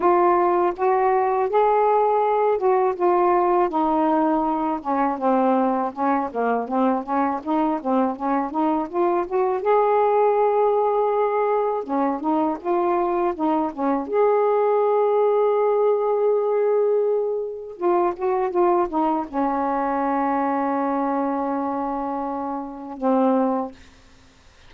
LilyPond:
\new Staff \with { instrumentName = "saxophone" } { \time 4/4 \tempo 4 = 81 f'4 fis'4 gis'4. fis'8 | f'4 dis'4. cis'8 c'4 | cis'8 ais8 c'8 cis'8 dis'8 c'8 cis'8 dis'8 | f'8 fis'8 gis'2. |
cis'8 dis'8 f'4 dis'8 cis'8 gis'4~ | gis'1 | f'8 fis'8 f'8 dis'8 cis'2~ | cis'2. c'4 | }